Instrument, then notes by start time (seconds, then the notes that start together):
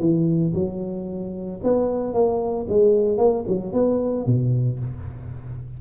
tuba
0.00 E3
0.55 F#3
1.64 B3
2.14 A#3
2.69 G#3
3.18 A#3
3.48 F#3
3.73 B3
4.26 B2